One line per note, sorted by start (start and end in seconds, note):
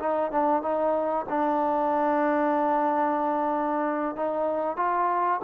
0.00 0.32 D#4
0.32 0.63 D4
0.63 1.26 D#4
1.29 4.16 D4
4.16 4.77 D#4
4.77 5.41 F4